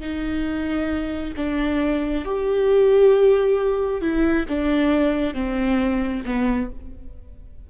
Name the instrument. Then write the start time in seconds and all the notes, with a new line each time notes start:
viola
0.00 D#4
1.36 D4
2.24 G4
4.01 E4
4.48 D4
5.34 C4
6.25 B3